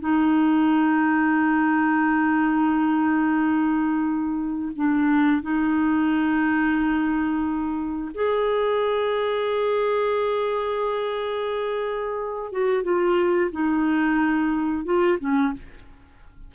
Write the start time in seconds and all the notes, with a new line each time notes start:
0.00 D#4
4.76 D4
5.42 D#4
8.14 G#4
12.52 F#4
12.83 F4
13.51 D#4
14.85 F4
15.19 C#4